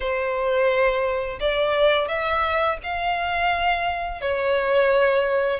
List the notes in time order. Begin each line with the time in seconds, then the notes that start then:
0.00 C5
1.40 D5
2.07 E5
2.83 F5
4.21 C#5